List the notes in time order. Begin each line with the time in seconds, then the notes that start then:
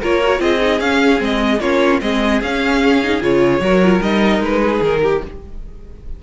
0.00 A#3 F4 A#4 C#5
0.22 F#4
0.39 C4 F4 G#4 D#5
0.60 D#4
0.80 C#4 F5
1.17 G#3 C4
1.24 D#5
1.60 A#3 C#4 F4 C#5
2.01 G#3 C4 G#4 D#5
2.41 C#4 F5
3.03 D#4
3.20 C#3 F4 C#5
3.60 F#3 F#4 A#4
3.83 F4
4.00 G3 D#4 D#5
4.39 G#3 B4
4.61 G#4
4.80 D#3 A#4
5.02 G4